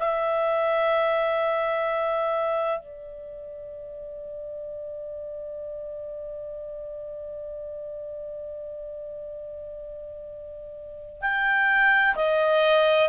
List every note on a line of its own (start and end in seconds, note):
0.00 2.80 E5
2.80 11.22 D5
11.22 12.15 G5
12.16 13.10 D#5